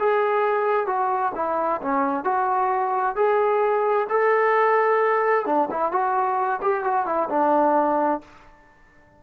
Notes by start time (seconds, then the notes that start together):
0.00 G#4
0.87 F#4
1.36 E4
1.82 C#4
2.24 F#4
3.16 G#4
4.10 A4
5.46 D4
5.71 E4
5.92 F#4
6.62 G4
6.84 F#4
7.06 E4
7.30 D4